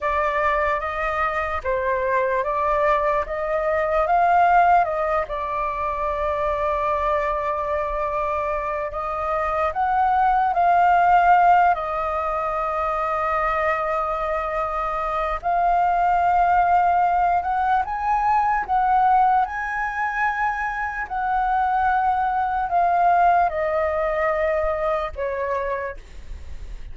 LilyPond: \new Staff \with { instrumentName = "flute" } { \time 4/4 \tempo 4 = 74 d''4 dis''4 c''4 d''4 | dis''4 f''4 dis''8 d''4.~ | d''2. dis''4 | fis''4 f''4. dis''4.~ |
dis''2. f''4~ | f''4. fis''8 gis''4 fis''4 | gis''2 fis''2 | f''4 dis''2 cis''4 | }